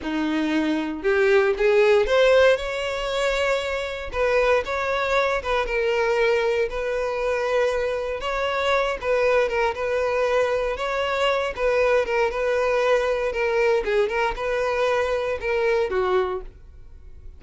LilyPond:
\new Staff \with { instrumentName = "violin" } { \time 4/4 \tempo 4 = 117 dis'2 g'4 gis'4 | c''4 cis''2. | b'4 cis''4. b'8 ais'4~ | ais'4 b'2. |
cis''4. b'4 ais'8 b'4~ | b'4 cis''4. b'4 ais'8 | b'2 ais'4 gis'8 ais'8 | b'2 ais'4 fis'4 | }